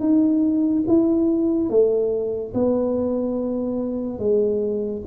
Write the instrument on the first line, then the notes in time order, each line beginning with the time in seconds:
tuba
0.00 D#4
0.88 E4
1.70 A3
2.54 B3
4.19 G#3